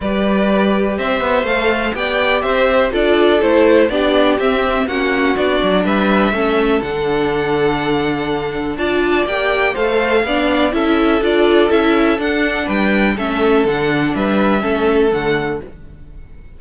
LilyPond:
<<
  \new Staff \with { instrumentName = "violin" } { \time 4/4 \tempo 4 = 123 d''2 e''4 f''4 | g''4 e''4 d''4 c''4 | d''4 e''4 fis''4 d''4 | e''2 fis''2~ |
fis''2 a''4 g''4 | f''2 e''4 d''4 | e''4 fis''4 g''4 e''4 | fis''4 e''2 fis''4 | }
  \new Staff \with { instrumentName = "violin" } { \time 4/4 b'2 c''2 | d''4 c''4 a'2 | g'2 fis'2 | b'4 a'2.~ |
a'2 d''2 | c''4 d''4 a'2~ | a'2 b'4 a'4~ | a'4 b'4 a'2 | }
  \new Staff \with { instrumentName = "viola" } { \time 4/4 g'2. a'4 | g'2 f'4 e'4 | d'4 c'4 cis'4 d'4~ | d'4 cis'4 d'2~ |
d'2 f'4 g'4 | a'4 d'4 e'4 f'4 | e'4 d'2 cis'4 | d'2 cis'4 a4 | }
  \new Staff \with { instrumentName = "cello" } { \time 4/4 g2 c'8 b8 a4 | b4 c'4 d'4 a4 | b4 c'4 ais4 b8 fis8 | g4 a4 d2~ |
d2 d'4 ais4 | a4 b4 cis'4 d'4 | cis'4 d'4 g4 a4 | d4 g4 a4 d4 | }
>>